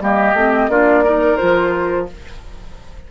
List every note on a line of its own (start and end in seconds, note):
0.00 0.33 G3
0.00 0.35 A#3
0.00 0.71 G4
0.00 0.70 D#5
0.33 0.68 A3
0.33 0.70 C4
0.68 1.37 A#3
0.68 1.04 D4
0.68 1.04 F4
0.68 1.36 D5
1.04 1.38 D#4
1.04 2.07 A#4
1.36 2.11 F3
1.36 2.07 F4
1.36 2.05 C5